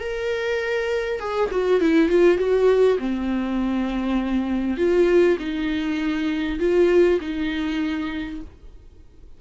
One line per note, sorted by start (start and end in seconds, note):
0.00 1.20 A#4
1.20 1.50 G#4
1.51 1.81 F#4
1.81 2.09 E4
2.09 2.38 F4
2.38 2.98 F#4
2.99 4.78 C4
4.78 5.38 F4
5.39 6.59 D#4
6.59 7.19 F4
7.21 8.41 D#4